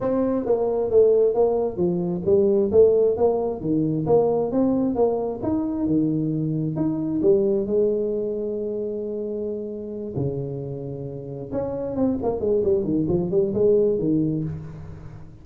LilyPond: \new Staff \with { instrumentName = "tuba" } { \time 4/4 \tempo 4 = 133 c'4 ais4 a4 ais4 | f4 g4 a4 ais4 | dis4 ais4 c'4 ais4 | dis'4 dis2 dis'4 |
g4 gis2.~ | gis2~ gis8 cis4.~ | cis4. cis'4 c'8 ais8 gis8 | g8 dis8 f8 g8 gis4 dis4 | }